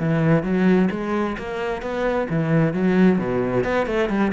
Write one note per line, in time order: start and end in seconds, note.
0.00 0.44 E3
0.44 0.90 F#3
0.92 1.37 G#3
1.39 1.82 A#3
1.82 2.28 B3
2.30 2.74 E3
2.74 3.19 F#3
3.19 3.65 B2
3.65 3.87 B3
3.87 4.10 A3
4.10 4.32 G3